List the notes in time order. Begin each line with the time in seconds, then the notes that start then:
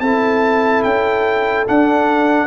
0.00 C4 E4 A4 A5
0.83 C#4 G5
1.66 D4 F#5